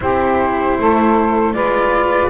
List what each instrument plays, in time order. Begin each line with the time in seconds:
0.00 double bass C4, cello E4, saxophone G4, flute C5
0.78 double bass A3, saxophone A4
1.53 double bass G#3, cello F4, saxophone B4, flute D5